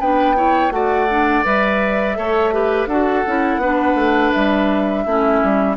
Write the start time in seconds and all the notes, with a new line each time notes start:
0.00 B3 D4 B4 G5
0.36 E4 C#5
0.71 A3 F#4 D5 F#5
1.10 D4
1.45 G3 B4 E5
2.16 A3 A4 C#5
2.52 G4 B4
2.87 D4 F#4 A4 F#5
3.27 C#4 E4
3.57 B3 B4
3.63 D4
3.95 A3
4.33 G3 E5
5.04 A3 C#4 E4
5.44 G3